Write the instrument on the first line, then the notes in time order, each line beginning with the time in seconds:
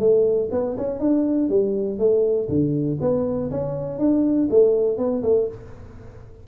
tuba
0.00 A3
0.52 B3
0.78 C#4
1.00 D4
1.50 G3
1.99 A3
2.49 D3
3.01 B3
3.51 C#4
3.99 D4
4.51 A3
4.98 B3
5.24 A3